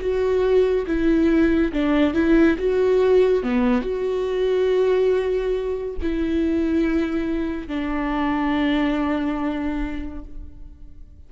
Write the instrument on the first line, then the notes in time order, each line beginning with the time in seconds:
viola
0.00 F#4
0.86 E4
1.73 D4
2.14 E4
2.58 F#4
3.43 B3
3.82 F#4
6.02 E4
7.67 D4